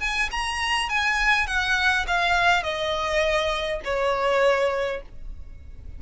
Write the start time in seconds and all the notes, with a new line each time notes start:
0.00 G#5
0.31 A#5
0.89 G#5
1.47 F#5
2.07 F5
2.63 D#5
3.84 C#5